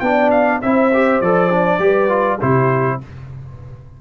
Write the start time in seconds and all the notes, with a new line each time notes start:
0.00 B3 D4 D5 G5
0.31 F5
0.62 C4 E4 C5 E5
0.93 G4
1.21 F3 A4 D5
1.50 D4
1.79 G3 G4 B4
2.09 F4
2.38 C3 E4 G4 C5